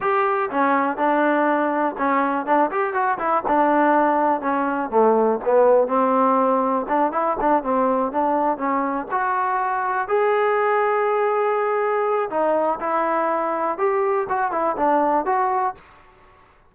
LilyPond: \new Staff \with { instrumentName = "trombone" } { \time 4/4 \tempo 4 = 122 g'4 cis'4 d'2 | cis'4 d'8 g'8 fis'8 e'8 d'4~ | d'4 cis'4 a4 b4 | c'2 d'8 e'8 d'8 c'8~ |
c'8 d'4 cis'4 fis'4.~ | fis'8 gis'2.~ gis'8~ | gis'4 dis'4 e'2 | g'4 fis'8 e'8 d'4 fis'4 | }